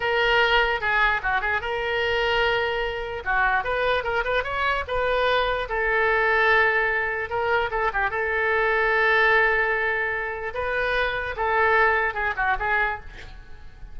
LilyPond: \new Staff \with { instrumentName = "oboe" } { \time 4/4 \tempo 4 = 148 ais'2 gis'4 fis'8 gis'8 | ais'1 | fis'4 b'4 ais'8 b'8 cis''4 | b'2 a'2~ |
a'2 ais'4 a'8 g'8 | a'1~ | a'2 b'2 | a'2 gis'8 fis'8 gis'4 | }